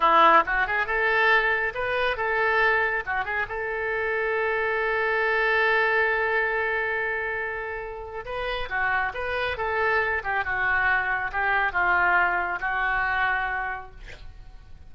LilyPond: \new Staff \with { instrumentName = "oboe" } { \time 4/4 \tempo 4 = 138 e'4 fis'8 gis'8 a'2 | b'4 a'2 fis'8 gis'8 | a'1~ | a'1~ |
a'2. b'4 | fis'4 b'4 a'4. g'8 | fis'2 g'4 f'4~ | f'4 fis'2. | }